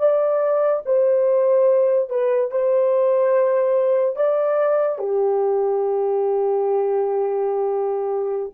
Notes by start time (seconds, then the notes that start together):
0.00 D5
0.86 C5
2.10 B4
2.52 C5
4.16 D5
4.99 G4